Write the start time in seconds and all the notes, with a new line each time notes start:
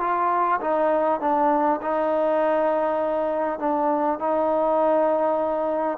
0.00 F4
0.61 D#4
1.21 D4
1.82 D#4
3.59 D4
4.19 D#4